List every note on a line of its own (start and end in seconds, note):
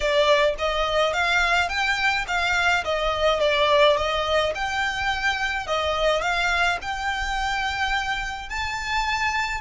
0.00 0.55 D5
0.58 1.13 D#5
1.13 1.68 F5
1.68 2.25 G5
2.27 2.84 F5
2.84 3.40 D#5
3.40 3.96 D5
3.96 4.53 D#5
4.55 5.67 G5
5.67 6.21 D#5
6.21 6.78 F5
6.81 8.49 G5
8.49 9.60 A5